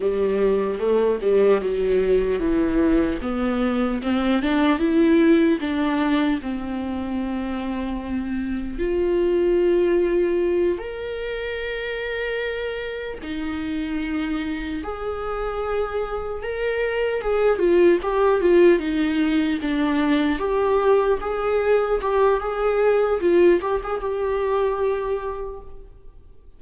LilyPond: \new Staff \with { instrumentName = "viola" } { \time 4/4 \tempo 4 = 75 g4 a8 g8 fis4 e4 | b4 c'8 d'8 e'4 d'4 | c'2. f'4~ | f'4. ais'2~ ais'8~ |
ais'8 dis'2 gis'4.~ | gis'8 ais'4 gis'8 f'8 g'8 f'8 dis'8~ | dis'8 d'4 g'4 gis'4 g'8 | gis'4 f'8 g'16 gis'16 g'2 | }